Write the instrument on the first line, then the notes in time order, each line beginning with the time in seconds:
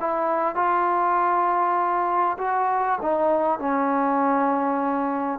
trombone
0.00 E4
0.55 F4
2.38 F#4
3.01 D#4
3.59 C#4